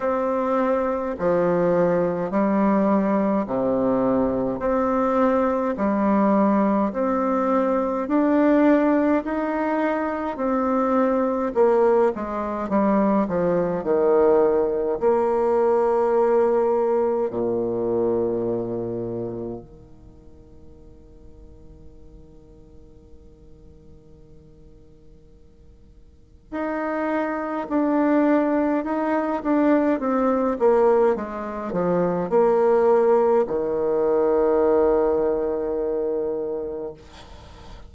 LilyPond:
\new Staff \with { instrumentName = "bassoon" } { \time 4/4 \tempo 4 = 52 c'4 f4 g4 c4 | c'4 g4 c'4 d'4 | dis'4 c'4 ais8 gis8 g8 f8 | dis4 ais2 ais,4~ |
ais,4 dis2.~ | dis2. dis'4 | d'4 dis'8 d'8 c'8 ais8 gis8 f8 | ais4 dis2. | }